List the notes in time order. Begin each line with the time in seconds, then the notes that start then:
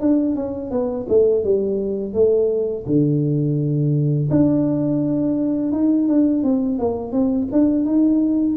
0.00 D4
0.35 C#4
0.70 B3
1.08 A3
1.44 G3
2.13 A3
2.86 D3
4.30 D4
5.72 D#4
6.08 D4
6.43 C4
6.79 A#3
7.12 C4
7.52 D4
7.85 D#4